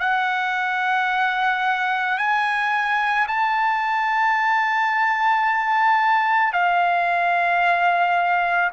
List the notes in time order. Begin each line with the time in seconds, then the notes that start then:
0.00 F#5
2.18 G#5
3.28 A5
6.53 F5